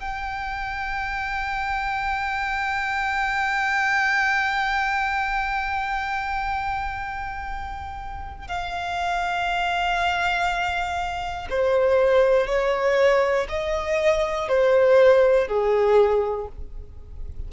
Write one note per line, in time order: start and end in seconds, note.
0.00 8.47 G5
8.47 11.47 F5
11.50 12.46 C5
12.46 13.46 C#5
13.49 14.48 D#5
14.48 15.47 C5
15.47 16.47 G#4